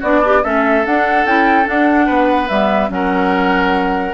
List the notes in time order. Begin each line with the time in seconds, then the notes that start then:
0.00 B3 D4 F#4 D5
0.20 D4 G4
0.43 A3 C#4 A4 E5
0.85 D4 F#5
1.25 C#4 E4 G5
1.64 D4 F#5
2.06 B3 B4
2.48 G3 B3 E5
2.88 F#3 C#4 A#4 F#5